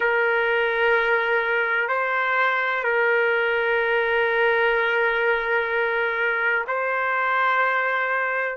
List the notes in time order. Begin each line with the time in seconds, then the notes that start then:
0.00 A#4
1.88 C5
2.83 A#4
6.67 C5